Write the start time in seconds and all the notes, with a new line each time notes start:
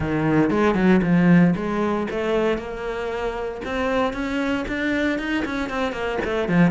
0.00 D#3
0.50 G#3
0.74 F#3
1.02 F3
1.55 G#3
2.10 A3
2.57 A#3
3.64 C4
4.13 C#4
4.67 D4
5.18 D#4
5.45 C#4
5.69 C4
5.92 A#3
6.24 A3
6.48 F3